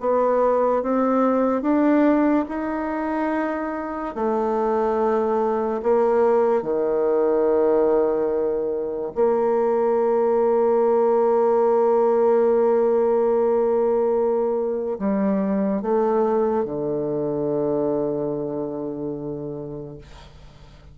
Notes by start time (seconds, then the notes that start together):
0.00 B3
0.83 C4
1.62 D4
2.49 D#4
4.15 A3
5.83 A#3
6.62 D#3
9.15 A#3
14.99 G3
15.82 A3
16.65 D3